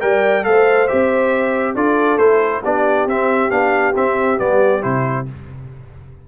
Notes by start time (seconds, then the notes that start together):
0.00 G3 A#4 D5 G5
0.43 A3 A4 C5 F5
0.87 C4 G4 E5
1.75 D4 F4 A4 D5
2.17 A3 E4 C5
2.63 B3 D4 G4 D5
3.06 C4 E5
3.50 B3 D4 F5
3.96 C4 E5
4.38 G3 B3 D5
4.81 C3 E4 C5